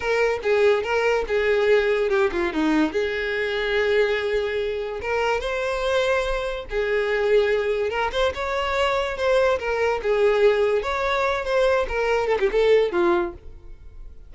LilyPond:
\new Staff \with { instrumentName = "violin" } { \time 4/4 \tempo 4 = 144 ais'4 gis'4 ais'4 gis'4~ | gis'4 g'8 f'8 dis'4 gis'4~ | gis'1 | ais'4 c''2. |
gis'2. ais'8 c''8 | cis''2 c''4 ais'4 | gis'2 cis''4. c''8~ | c''8 ais'4 a'16 g'16 a'4 f'4 | }